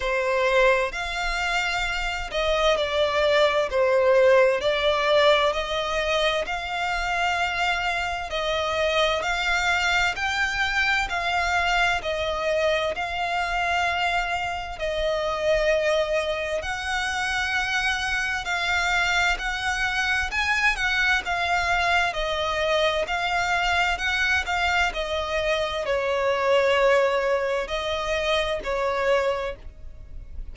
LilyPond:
\new Staff \with { instrumentName = "violin" } { \time 4/4 \tempo 4 = 65 c''4 f''4. dis''8 d''4 | c''4 d''4 dis''4 f''4~ | f''4 dis''4 f''4 g''4 | f''4 dis''4 f''2 |
dis''2 fis''2 | f''4 fis''4 gis''8 fis''8 f''4 | dis''4 f''4 fis''8 f''8 dis''4 | cis''2 dis''4 cis''4 | }